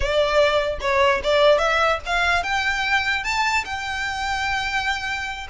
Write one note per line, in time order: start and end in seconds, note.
0.00 0.79 D5
0.80 1.21 C#5
1.23 1.58 D5
1.58 1.99 E5
2.05 2.43 F5
2.43 3.24 G5
3.24 3.64 A5
3.64 5.47 G5